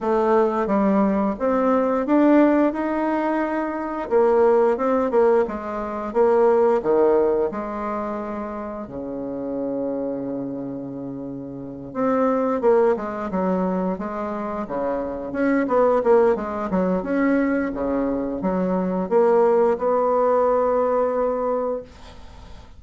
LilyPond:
\new Staff \with { instrumentName = "bassoon" } { \time 4/4 \tempo 4 = 88 a4 g4 c'4 d'4 | dis'2 ais4 c'8 ais8 | gis4 ais4 dis4 gis4~ | gis4 cis2.~ |
cis4. c'4 ais8 gis8 fis8~ | fis8 gis4 cis4 cis'8 b8 ais8 | gis8 fis8 cis'4 cis4 fis4 | ais4 b2. | }